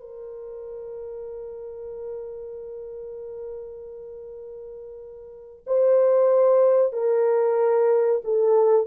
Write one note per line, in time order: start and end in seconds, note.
0.00 5.65 A#4
5.66 6.93 C5
6.93 8.22 A#4
8.24 8.87 A4